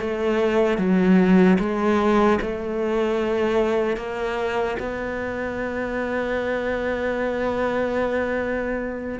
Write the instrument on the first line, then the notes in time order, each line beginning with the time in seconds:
cello
0.00 A3
0.78 F#3
1.59 G#3
2.41 A3
3.97 A#3
4.79 B3